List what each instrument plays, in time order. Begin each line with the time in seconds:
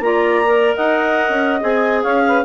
0.00 bassoon A#3, clarinet F4 A#5, saxophone D5
0.46 clarinet A#4
0.76 bassoon D#4, saxophone D#5, clarinet F#5
1.29 bassoon C#4
1.61 bassoon C4, clarinet G#4 G#5
2.01 bassoon C#4, saxophone C#5, clarinet F5
2.27 saxophone B4